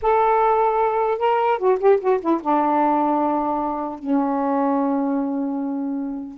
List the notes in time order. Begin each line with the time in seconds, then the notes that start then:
0.02 A4
1.18 A#4
1.58 F#4
1.79 G4
2.00 F#4
2.21 E4
2.41 D4
3.99 C#4